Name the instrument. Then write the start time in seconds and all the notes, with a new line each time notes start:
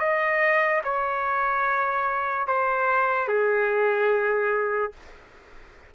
trumpet
0.00 D#5
0.84 C#5
2.48 C5
3.28 G#4